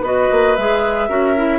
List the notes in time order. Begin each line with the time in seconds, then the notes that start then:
0.00 B3 F#4 B4 D#5
0.31 A#3
0.55 G#3 G#4 E5
1.08 C#4 F#4 A#4
1.36 E4